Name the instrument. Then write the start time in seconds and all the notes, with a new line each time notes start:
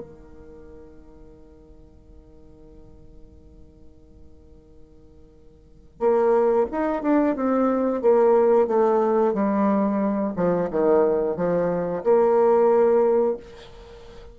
bassoon
0.00 D#3
5.99 A#3
6.72 D#4
7.02 D4
7.35 C4
8.01 A#3
8.67 A3
9.33 G3
10.35 F3
10.70 D#3
11.36 F3
12.03 A#3